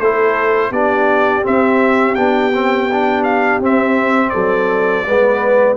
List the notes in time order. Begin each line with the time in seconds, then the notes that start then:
0.00 A3 E4 A4 C5
0.71 B3 D4 G4 D5
1.43 C4 E5
2.15 B3 D4 G5
2.54 C4
2.92 D4
3.24 F5
3.61 C4 E5
4.30 F#3 A4 D5
5.07 G#3 B3 B4